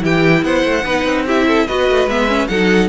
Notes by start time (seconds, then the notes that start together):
0.00 E3 E4 G4 G5
0.43 B3 C5 F#5
0.64 A3
0.84 B3 D#4 B4
1.05 C4
1.26 E4 G4 E5
1.47 A4
1.66 B3 F#4 B4 D#5
1.90 A3
2.06 G#3 B3 E5
2.28 C#4
2.47 F#3 D#4 A4 F#5